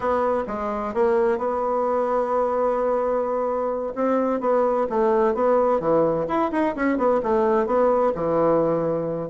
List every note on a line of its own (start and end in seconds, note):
0.00 0.44 B3
0.47 0.93 G#3
0.93 1.37 A#3
1.37 3.93 B3
3.95 4.40 C4
4.40 4.86 B3
4.89 5.34 A3
5.34 5.79 B3
5.79 6.26 E3
6.28 6.51 E4
6.51 6.75 D#4
6.75 6.97 C#4
6.97 7.21 B3
7.22 7.66 A3
7.66 8.12 B3
8.14 9.29 E3